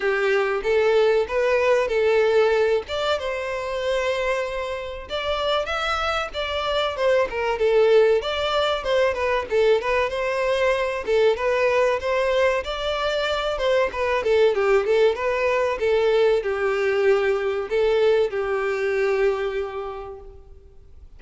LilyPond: \new Staff \with { instrumentName = "violin" } { \time 4/4 \tempo 4 = 95 g'4 a'4 b'4 a'4~ | a'8 d''8 c''2. | d''4 e''4 d''4 c''8 ais'8 | a'4 d''4 c''8 b'8 a'8 b'8 |
c''4. a'8 b'4 c''4 | d''4. c''8 b'8 a'8 g'8 a'8 | b'4 a'4 g'2 | a'4 g'2. | }